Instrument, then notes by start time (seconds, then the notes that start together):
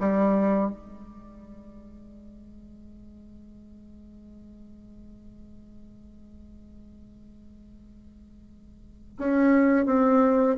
bassoon
0.00 G3
0.71 G#3
9.18 C#4
9.86 C4